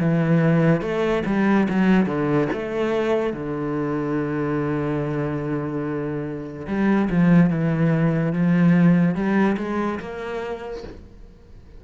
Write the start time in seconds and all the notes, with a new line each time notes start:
0.00 E3
0.81 A3
1.27 G3
1.69 F#3
2.06 D3
2.53 A3
3.33 D3
6.67 G3
7.10 F3
7.50 E3
8.33 F3
9.15 G3
9.58 G#3
10.00 A#3